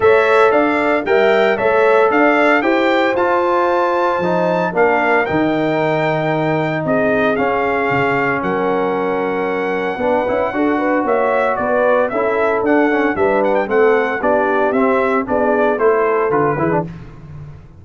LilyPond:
<<
  \new Staff \with { instrumentName = "trumpet" } { \time 4/4 \tempo 4 = 114 e''4 f''4 g''4 e''4 | f''4 g''4 a''2~ | a''4 f''4 g''2~ | g''4 dis''4 f''2 |
fis''1~ | fis''4 e''4 d''4 e''4 | fis''4 e''8 fis''16 g''16 fis''4 d''4 | e''4 d''4 c''4 b'4 | }
  \new Staff \with { instrumentName = "horn" } { \time 4/4 cis''4 d''4 e''4 cis''4 | d''4 c''2.~ | c''4 ais'2.~ | ais'4 gis'2. |
ais'2. b'4 | a'8 b'8 cis''4 b'4 a'4~ | a'4 b'4 a'4 g'4~ | g'4 gis'4 a'4. gis'8 | }
  \new Staff \with { instrumentName = "trombone" } { \time 4/4 a'2 ais'4 a'4~ | a'4 g'4 f'2 | dis'4 d'4 dis'2~ | dis'2 cis'2~ |
cis'2. d'8 e'8 | fis'2. e'4 | d'8 cis'8 d'4 c'4 d'4 | c'4 d'4 e'4 f'8 e'16 d'16 | }
  \new Staff \with { instrumentName = "tuba" } { \time 4/4 a4 d'4 g4 a4 | d'4 e'4 f'2 | f4 ais4 dis2~ | dis4 c'4 cis'4 cis4 |
fis2. b8 cis'8 | d'4 ais4 b4 cis'4 | d'4 g4 a4 b4 | c'4 b4 a4 d8 e8 | }
>>